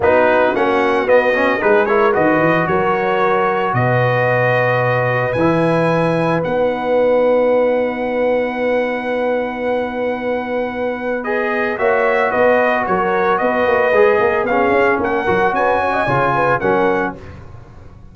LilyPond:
<<
  \new Staff \with { instrumentName = "trumpet" } { \time 4/4 \tempo 4 = 112 b'4 fis''4 dis''4 b'8 cis''8 | dis''4 cis''2 dis''4~ | dis''2 gis''2 | fis''1~ |
fis''1~ | fis''4 dis''4 e''4 dis''4 | cis''4 dis''2 f''4 | fis''4 gis''2 fis''4 | }
  \new Staff \with { instrumentName = "horn" } { \time 4/4 fis'2. gis'8 ais'8 | b'4 ais'2 b'4~ | b'1~ | b'1~ |
b'1~ | b'2 cis''4 b'4 | ais'4 b'4. ais'8 gis'4 | ais'4 b'8 cis''16 dis''16 cis''8 b'8 ais'4 | }
  \new Staff \with { instrumentName = "trombone" } { \time 4/4 dis'4 cis'4 b8 cis'8 dis'8 e'8 | fis'1~ | fis'2 e'2 | dis'1~ |
dis'1~ | dis'4 gis'4 fis'2~ | fis'2 gis'4 cis'4~ | cis'8 fis'4. f'4 cis'4 | }
  \new Staff \with { instrumentName = "tuba" } { \time 4/4 b4 ais4 b4 gis4 | dis8 e8 fis2 b,4~ | b,2 e2 | b1~ |
b1~ | b2 ais4 b4 | fis4 b8 ais8 gis8 ais8 b8 cis'8 | ais8 fis8 cis'4 cis4 fis4 | }
>>